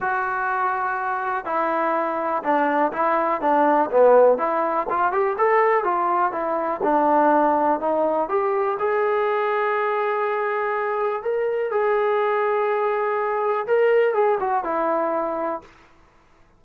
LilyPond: \new Staff \with { instrumentName = "trombone" } { \time 4/4 \tempo 4 = 123 fis'2. e'4~ | e'4 d'4 e'4 d'4 | b4 e'4 f'8 g'8 a'4 | f'4 e'4 d'2 |
dis'4 g'4 gis'2~ | gis'2. ais'4 | gis'1 | ais'4 gis'8 fis'8 e'2 | }